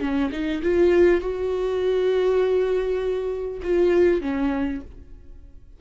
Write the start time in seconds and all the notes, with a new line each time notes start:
0.00 C#4
0.32 D#4
0.63 F4
1.21 F#4
3.62 F4
4.21 C#4